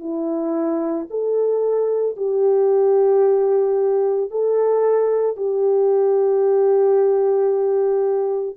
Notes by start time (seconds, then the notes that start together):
0.00 E4
1.11 A4
2.17 G4
4.31 A4
5.37 G4